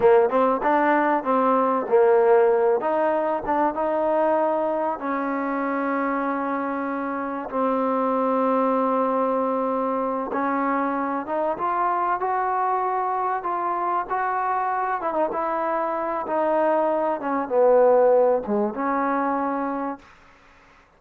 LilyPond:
\new Staff \with { instrumentName = "trombone" } { \time 4/4 \tempo 4 = 96 ais8 c'8 d'4 c'4 ais4~ | ais8 dis'4 d'8 dis'2 | cis'1 | c'1~ |
c'8 cis'4. dis'8 f'4 fis'8~ | fis'4. f'4 fis'4. | e'16 dis'16 e'4. dis'4. cis'8 | b4. gis8 cis'2 | }